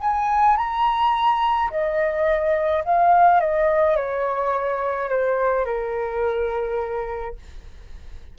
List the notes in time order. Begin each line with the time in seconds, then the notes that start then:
0.00 G#5
0.57 A#5
1.70 D#5
2.84 F5
3.40 D#5
3.96 C#5
5.09 C5
5.65 A#4